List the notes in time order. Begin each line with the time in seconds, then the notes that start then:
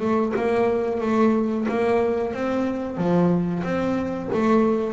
0.00 A3
0.36 A#3
1.00 A3
1.69 A#3
2.33 C4
2.97 F3
3.63 C4
4.33 A3